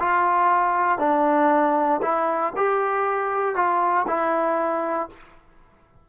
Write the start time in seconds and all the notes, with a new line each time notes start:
0.00 F4
0.99 D4
2.03 E4
2.57 G4
3.55 F4
4.08 E4